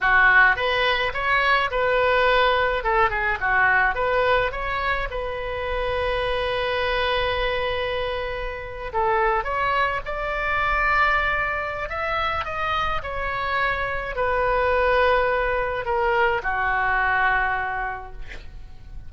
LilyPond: \new Staff \with { instrumentName = "oboe" } { \time 4/4 \tempo 4 = 106 fis'4 b'4 cis''4 b'4~ | b'4 a'8 gis'8 fis'4 b'4 | cis''4 b'2.~ | b'2.~ b'8. a'16~ |
a'8. cis''4 d''2~ d''16~ | d''4 e''4 dis''4 cis''4~ | cis''4 b'2. | ais'4 fis'2. | }